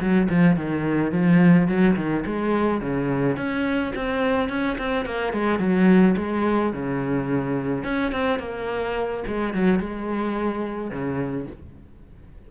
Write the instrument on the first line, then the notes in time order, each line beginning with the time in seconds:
cello
0.00 F#3
0.29 F3
0.56 D#3
1.12 F3
1.67 F#3
1.96 D#3
2.26 G#3
2.81 C#3
3.36 C#4
3.95 C4
4.49 C#4
4.78 C4
5.05 A#3
5.33 G#3
5.59 F#3
6.17 G#3
6.73 C#3
7.84 C#4
8.12 C4
8.39 A#3
9.27 G#3
9.54 F#3
9.79 G#3
10.90 C#3